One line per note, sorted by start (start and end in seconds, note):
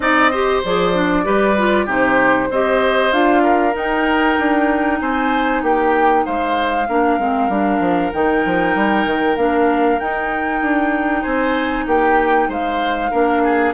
0.00 0.61 C4
0.00 0.31 D#4
0.00 0.31 D5
0.00 0.61 D#5
0.31 0.64 G4
0.31 1.24 C5
0.64 1.25 F3
0.64 0.93 G#4
0.64 1.90 D5
0.93 1.24 D4
1.24 1.86 G3
1.24 1.55 G4
1.24 1.85 B4
1.57 1.86 F4
1.85 2.49 C3
1.85 2.49 D#4
1.85 2.48 G4
1.85 2.52 C5
2.49 3.12 C4
2.49 3.11 G4
2.49 3.42 C5
2.49 3.12 D#5
3.11 3.74 D4
3.11 3.72 F4
3.11 3.74 F5
3.42 4.99 A#4
3.72 6.84 D#4
3.72 4.37 D#4
3.72 5.00 G5
4.38 5.00 D4
5.00 5.62 C4
5.00 5.62 C5
5.00 5.62 G#5
5.62 6.24 A#3
5.62 6.25 G4
5.62 6.25 G5
6.25 6.88 G#3
6.25 6.87 C5
6.25 8.12 F5
6.88 7.18 A#3
6.88 7.19 D4
6.88 11.21 A#4
7.18 7.49 G#3
7.18 7.49 C4
7.49 7.79 G3
7.49 8.12 D4
7.79 8.10 F3
8.12 8.44 D#3
8.12 9.37 D#4
8.12 9.36 G5
8.45 8.75 F3
8.75 9.05 G3
9.05 9.36 D#3
9.36 9.99 A#3
9.36 9.99 D4
9.36 9.99 F5
9.99 10.61 D#4
9.99 13.11 D#4
9.99 11.22 G5
10.61 11.24 D4
11.21 11.86 C4
11.21 11.84 C5
11.21 11.85 G#5
11.86 12.48 A#3
11.86 12.48 G4
11.86 12.51 G5
12.48 13.11 G#3
12.48 13.11 C5
12.48 13.73 F5
13.11 13.73 A#3
13.11 13.73 D4
13.11 13.42 A#4
13.43 13.73 G#4